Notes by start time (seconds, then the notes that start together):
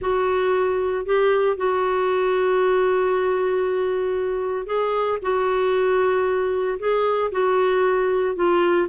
0.01 F#4
1.05 G4
1.56 F#4
4.66 G#4
5.22 F#4
6.79 G#4
7.31 F#4
8.35 F4